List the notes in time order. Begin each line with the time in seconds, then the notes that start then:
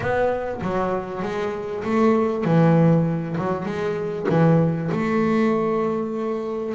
0.00 B3
0.61 F#3
1.22 G#3
1.84 A3
2.44 E3
3.37 F#3
3.65 G#3
4.29 E3
4.91 A3